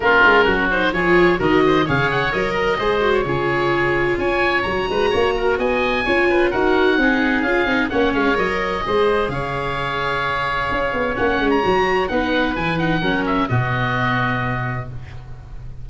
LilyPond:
<<
  \new Staff \with { instrumentName = "oboe" } { \time 4/4 \tempo 4 = 129 ais'4. c''8 cis''4 dis''4 | f''8 fis''8 dis''4.~ dis''16 cis''4~ cis''16~ | cis''4 gis''4 ais''2 | gis''2 fis''2 |
f''4 fis''8 f''8 dis''2 | f''1 | fis''8. ais''4~ ais''16 fis''4 gis''8 fis''8~ | fis''8 e''8 dis''2. | }
  \new Staff \with { instrumentName = "oboe" } { \time 4/4 f'4 fis'4 gis'4 ais'8 c''8 | cis''4. ais'8 c''4 gis'4~ | gis'4 cis''4. b'8 cis''8 ais'8 | dis''4 cis''8 b'8 ais'4 gis'4~ |
gis'4 cis''2 c''4 | cis''1~ | cis''2 b'2 | ais'4 fis'2. | }
  \new Staff \with { instrumentName = "viola" } { \time 4/4 cis'4. dis'8 f'4 fis'4 | gis'4 ais'4 gis'8 fis'8 f'4~ | f'2 fis'2~ | fis'4 f'4 fis'4 dis'4 |
f'8 dis'8 cis'4 ais'4 gis'4~ | gis'1 | cis'4 fis'4 dis'4 e'8 dis'8 | cis'4 b2. | }
  \new Staff \with { instrumentName = "tuba" } { \time 4/4 ais8 gis8 fis4 f4 dis4 | cis4 fis4 gis4 cis4~ | cis4 cis'4 fis8 gis8 ais4 | b4 cis'4 dis'4 c'4 |
cis'8 c'8 ais8 gis8 fis4 gis4 | cis2. cis'8 b8 | ais8 gis8 fis4 b4 e4 | fis4 b,2. | }
>>